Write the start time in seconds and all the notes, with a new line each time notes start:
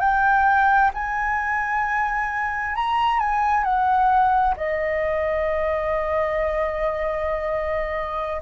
0.00 G5
0.94 G#5
2.75 A#5
3.19 G#5
3.64 F#5
4.57 D#5